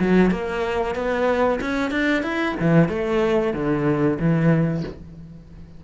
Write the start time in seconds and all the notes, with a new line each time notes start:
0.00 F#3
0.31 A#3
0.96 B3
1.61 C#4
1.91 D4
2.23 E4
2.60 E3
2.89 A3
3.54 D3
4.20 E3